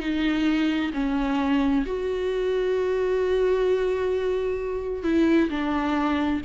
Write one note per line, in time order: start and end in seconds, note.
0.00 0.92 D#4
0.94 1.85 C#4
1.86 5.04 F#4
5.04 5.50 E4
5.50 6.42 D4